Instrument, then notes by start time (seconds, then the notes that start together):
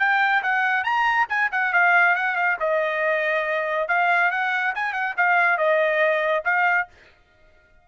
trumpet
0.00 G5
0.43 F#5
0.84 A#5
1.30 G#5
1.52 F#5
1.73 F5
2.16 F#5
2.36 F5
2.60 D#5
3.89 F5
4.31 F#5
4.76 G#5
4.93 F#5
5.17 F5
5.58 D#5
6.45 F5